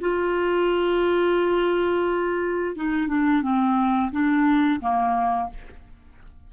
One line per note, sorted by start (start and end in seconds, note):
0.00 2.76 F4
2.76 3.08 D#4
3.08 3.42 D4
3.42 4.11 C4
4.11 4.80 D4
4.80 5.49 A#3